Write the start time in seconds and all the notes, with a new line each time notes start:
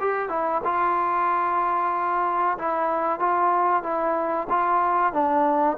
0.00 G4
0.29 E4
0.64 F4
2.58 E4
3.19 F4
3.83 E4
4.49 F4
5.13 D4